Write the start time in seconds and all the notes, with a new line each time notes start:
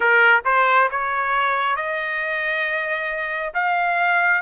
0.00 A#4
0.45 C5
0.91 C#5
1.76 D#5
3.53 F5